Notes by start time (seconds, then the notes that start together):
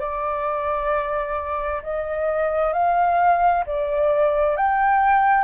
0.00 D5
1.83 D#5
2.73 F5
3.66 D5
4.57 G5